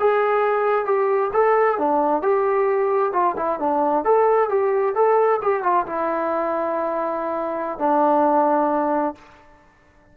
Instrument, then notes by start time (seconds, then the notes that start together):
trombone
0.00 G#4
0.86 G4
1.33 A4
1.79 D4
2.23 G4
3.13 F4
3.37 E4
3.60 D4
4.05 A4
4.50 G4
4.95 A4
5.42 G4
5.63 F4
5.87 E4
7.79 D4